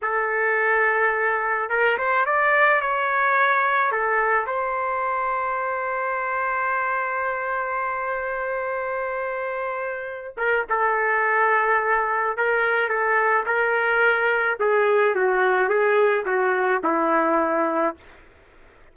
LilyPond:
\new Staff \with { instrumentName = "trumpet" } { \time 4/4 \tempo 4 = 107 a'2. ais'8 c''8 | d''4 cis''2 a'4 | c''1~ | c''1~ |
c''2~ c''8 ais'8 a'4~ | a'2 ais'4 a'4 | ais'2 gis'4 fis'4 | gis'4 fis'4 e'2 | }